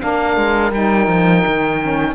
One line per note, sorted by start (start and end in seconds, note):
0.00 0.37 A#3
0.00 0.71 D4
0.00 2.15 A#4
0.00 0.72 F5
0.37 0.72 G#3
0.72 1.07 G3
0.72 1.80 D#4
0.72 2.15 G5
1.07 1.43 F3
1.47 2.15 D#3
1.81 2.15 C#4